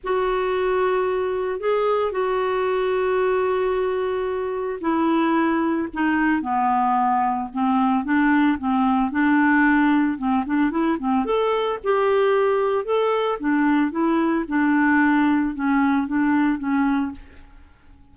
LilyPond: \new Staff \with { instrumentName = "clarinet" } { \time 4/4 \tempo 4 = 112 fis'2. gis'4 | fis'1~ | fis'4 e'2 dis'4 | b2 c'4 d'4 |
c'4 d'2 c'8 d'8 | e'8 c'8 a'4 g'2 | a'4 d'4 e'4 d'4~ | d'4 cis'4 d'4 cis'4 | }